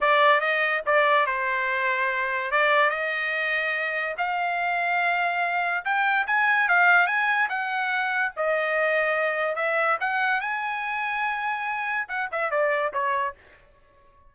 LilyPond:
\new Staff \with { instrumentName = "trumpet" } { \time 4/4 \tempo 4 = 144 d''4 dis''4 d''4 c''4~ | c''2 d''4 dis''4~ | dis''2 f''2~ | f''2 g''4 gis''4 |
f''4 gis''4 fis''2 | dis''2. e''4 | fis''4 gis''2.~ | gis''4 fis''8 e''8 d''4 cis''4 | }